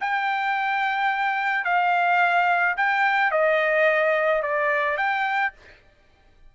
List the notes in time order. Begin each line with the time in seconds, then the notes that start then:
0.00 G5
1.64 F5
2.77 G5
3.31 D#5
4.42 D5
4.97 G5